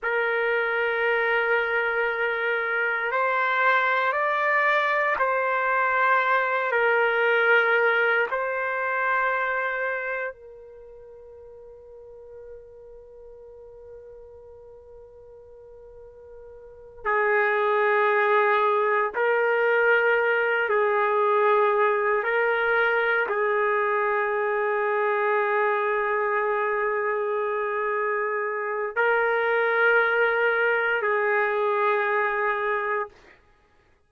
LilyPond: \new Staff \with { instrumentName = "trumpet" } { \time 4/4 \tempo 4 = 58 ais'2. c''4 | d''4 c''4. ais'4. | c''2 ais'2~ | ais'1~ |
ais'8 gis'2 ais'4. | gis'4. ais'4 gis'4.~ | gis'1 | ais'2 gis'2 | }